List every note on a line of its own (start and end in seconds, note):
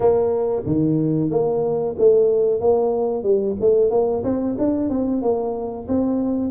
0.00 0.62 A#3
0.66 1.30 D#3
1.30 1.95 A#3
1.98 2.60 A3
2.60 3.23 A#3
3.23 3.55 G3
3.60 3.90 A3
3.90 4.23 A#3
4.23 4.56 C4
4.58 4.89 D4
4.89 5.22 C4
5.22 5.87 A#3
5.88 6.51 C4